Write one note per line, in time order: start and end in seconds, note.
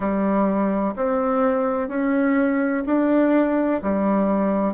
0.00 0.94 G3
0.96 1.88 C4
1.88 2.83 C#4
2.86 3.81 D4
3.82 4.73 G3